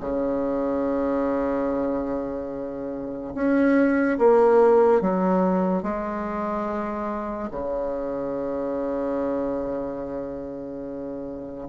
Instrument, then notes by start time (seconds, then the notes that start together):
bassoon
0.00 C#3
3.34 C#4
4.18 A#3
5.01 F#3
5.82 G#3
7.51 C#3